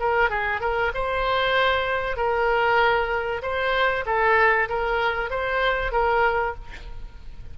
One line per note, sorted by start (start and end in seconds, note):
0.00 0.30 A#4
0.30 0.61 G#4
0.61 0.92 A#4
0.95 2.17 C5
2.17 3.42 A#4
3.42 4.05 C5
4.06 4.69 A4
4.69 5.30 A#4
5.30 5.92 C5
5.92 6.55 A#4